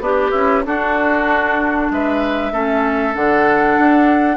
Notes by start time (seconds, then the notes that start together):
0.00 B3 D4 G4 B4
0.31 C#4 E4
0.65 D4 F#4 A4
1.91 G#3 B4 E5
2.52 A3 C#4 A4
3.14 D3 D4 F#5
3.78 D4